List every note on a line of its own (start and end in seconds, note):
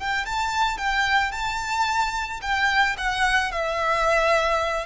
0.00 0.26 G5
0.26 0.78 A5
0.78 1.32 G5
1.32 2.41 A5
2.42 2.97 G5
2.98 3.52 F#5
3.52 4.86 E5